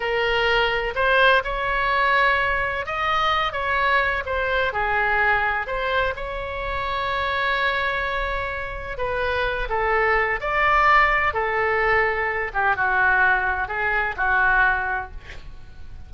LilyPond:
\new Staff \with { instrumentName = "oboe" } { \time 4/4 \tempo 4 = 127 ais'2 c''4 cis''4~ | cis''2 dis''4. cis''8~ | cis''4 c''4 gis'2 | c''4 cis''2.~ |
cis''2. b'4~ | b'8 a'4. d''2 | a'2~ a'8 g'8 fis'4~ | fis'4 gis'4 fis'2 | }